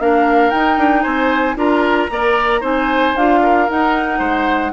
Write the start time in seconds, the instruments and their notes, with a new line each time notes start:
0.00 bassoon A#3, clarinet D4, oboe A#4, flute F5
0.51 bassoon D#4, clarinet D#4, flute G5
0.78 bassoon D4
1.03 bassoon C4, oboe C5, flute G#5
1.56 bassoon D4, clarinet F4, oboe A#4, flute A#5
2.10 bassoon A#3, clarinet A#4, oboe D5
2.61 bassoon C4, clarinet D#4, oboe C5, flute G#5
3.17 bassoon D4, clarinet F4, flute F5
3.43 oboe A#4
3.69 clarinet D#4, bassoon D#4, flute F#5
4.19 bassoon G#3, oboe C5